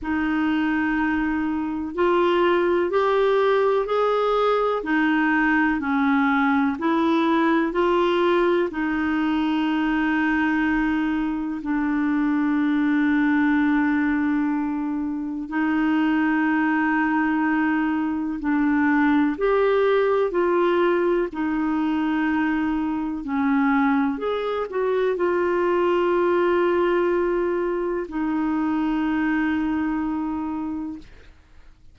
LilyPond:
\new Staff \with { instrumentName = "clarinet" } { \time 4/4 \tempo 4 = 62 dis'2 f'4 g'4 | gis'4 dis'4 cis'4 e'4 | f'4 dis'2. | d'1 |
dis'2. d'4 | g'4 f'4 dis'2 | cis'4 gis'8 fis'8 f'2~ | f'4 dis'2. | }